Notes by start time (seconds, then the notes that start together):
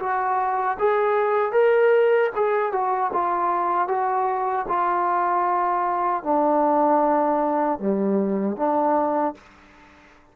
0.00 F#4
0.79 G#4
1.53 A#4
2.36 G#4
2.73 F#4
3.13 F4
3.89 F#4
4.69 F4
6.24 D4
7.80 G3
8.57 D4